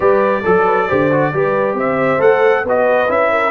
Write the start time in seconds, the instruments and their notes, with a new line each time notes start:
0.00 tuba G3, trombone G4, horn B4, trumpet D5
0.42 tuba F#3, horn A4, trombone A4
0.65 horn B4
0.88 tuba D3, trombone G4, horn C5
1.11 trombone F#4
1.33 tuba G3, trombone G4, horn B4
1.73 tuba C4, horn C5, trumpet E5
2.18 tuba A3, trombone A4, trumpet F#5
2.64 tuba B3, trombone F#4, horn B4, trumpet D#5
3.08 tuba C#4, trombone E4, trumpet E5
3.31 horn A#4